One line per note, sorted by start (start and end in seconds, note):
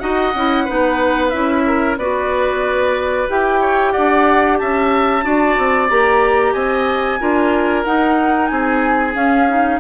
0.00 0.35 D#4
0.00 0.33 F#4
0.00 0.65 D#5
0.00 1.30 F#5
0.35 0.68 C#4
0.35 0.68 E4
0.65 1.34 B3
0.65 1.32 D#4
0.65 1.63 B4
1.30 1.98 C#4
1.30 1.97 E4
1.30 1.95 E5
1.67 1.99 A#4
1.98 3.28 B3
1.98 3.29 F#4
1.98 3.61 B4
1.98 3.29 D5
3.29 3.95 E4
3.29 5.23 G4
3.29 3.93 G5
3.61 3.92 C#5
3.92 4.62 D4
3.92 4.58 D5
3.92 4.58 F#5
4.58 5.24 C#4
4.58 5.25 E5
4.58 5.89 A5
5.23 5.57 D4
5.23 5.88 F#4
5.23 6.54 D5
5.58 5.90 C4
5.89 6.55 A#3
5.89 7.20 G4
5.89 6.53 A#5
6.53 7.20 C4
6.53 7.19 D#5
6.53 7.84 G#5
7.20 7.86 D4
7.20 7.85 F4
7.20 8.51 A#4
7.84 8.51 D#4
7.84 9.15 D#4
7.84 8.47 F#5
8.47 9.15 C4
8.47 9.81 G#4
8.47 9.12 G#5
9.15 9.47 C#4
9.15 9.80 C#4
9.15 9.81 F5
9.49 9.81 D#4